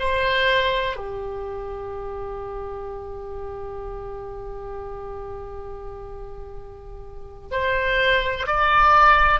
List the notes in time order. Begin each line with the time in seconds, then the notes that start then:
0.00 C5
0.97 G4
7.51 C5
8.47 D5